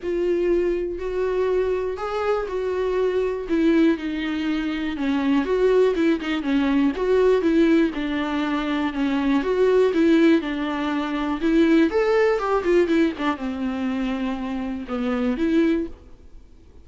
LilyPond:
\new Staff \with { instrumentName = "viola" } { \time 4/4 \tempo 4 = 121 f'2 fis'2 | gis'4 fis'2 e'4 | dis'2 cis'4 fis'4 | e'8 dis'8 cis'4 fis'4 e'4 |
d'2 cis'4 fis'4 | e'4 d'2 e'4 | a'4 g'8 f'8 e'8 d'8 c'4~ | c'2 b4 e'4 | }